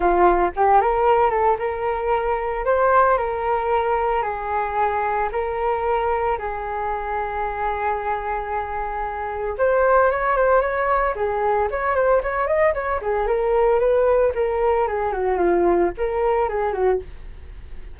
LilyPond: \new Staff \with { instrumentName = "flute" } { \time 4/4 \tempo 4 = 113 f'4 g'8 ais'4 a'8 ais'4~ | ais'4 c''4 ais'2 | gis'2 ais'2 | gis'1~ |
gis'2 c''4 cis''8 c''8 | cis''4 gis'4 cis''8 c''8 cis''8 dis''8 | cis''8 gis'8 ais'4 b'4 ais'4 | gis'8 fis'8 f'4 ais'4 gis'8 fis'8 | }